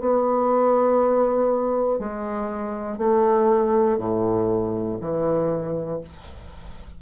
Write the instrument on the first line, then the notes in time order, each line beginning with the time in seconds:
bassoon
0.00 B3
1.99 G#3
2.98 A3
3.98 A2
5.01 E3